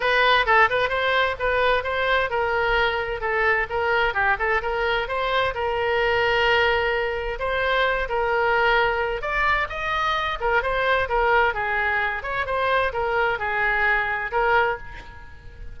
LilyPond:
\new Staff \with { instrumentName = "oboe" } { \time 4/4 \tempo 4 = 130 b'4 a'8 b'8 c''4 b'4 | c''4 ais'2 a'4 | ais'4 g'8 a'8 ais'4 c''4 | ais'1 |
c''4. ais'2~ ais'8 | d''4 dis''4. ais'8 c''4 | ais'4 gis'4. cis''8 c''4 | ais'4 gis'2 ais'4 | }